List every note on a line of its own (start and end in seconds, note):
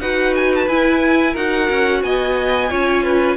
0.00 0.67 D#4
0.00 0.69 F#4
0.00 1.32 B4
0.00 0.34 F#5
0.36 0.52 G#5
0.55 0.68 A5
0.68 1.36 E4
0.68 1.35 E4
0.68 1.35 G#5
1.32 1.70 D#4
1.32 2.69 F#4
1.32 1.99 A#4
1.32 2.03 F#5
1.70 2.03 C#4
2.03 2.71 B3
2.03 2.70 D#5
2.03 3.37 G#5
2.69 3.37 C#4
2.69 3.37 F4
2.69 3.03 C#5
3.03 3.37 B4